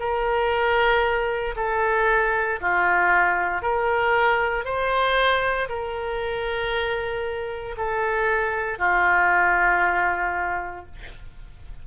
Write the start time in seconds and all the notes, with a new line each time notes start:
0.00 A#4
1.57 A4
2.61 F4
3.63 A#4
4.65 C5
5.69 A#4
7.77 A4
8.79 F4